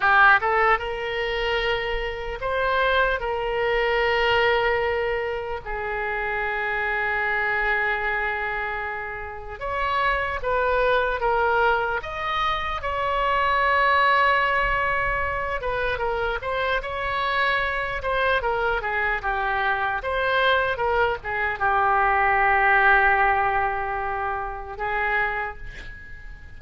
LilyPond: \new Staff \with { instrumentName = "oboe" } { \time 4/4 \tempo 4 = 75 g'8 a'8 ais'2 c''4 | ais'2. gis'4~ | gis'1 | cis''4 b'4 ais'4 dis''4 |
cis''2.~ cis''8 b'8 | ais'8 c''8 cis''4. c''8 ais'8 gis'8 | g'4 c''4 ais'8 gis'8 g'4~ | g'2. gis'4 | }